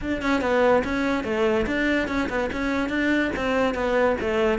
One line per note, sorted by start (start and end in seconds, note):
0.01 0.22 D4
0.22 0.41 C#4
0.41 0.83 B3
0.84 1.24 C#4
1.24 1.66 A3
1.66 2.08 D4
2.08 2.29 C#4
2.29 2.50 B3
2.52 2.89 C#4
2.89 3.30 D4
3.35 3.74 C4
3.74 4.16 B3
4.20 4.59 A3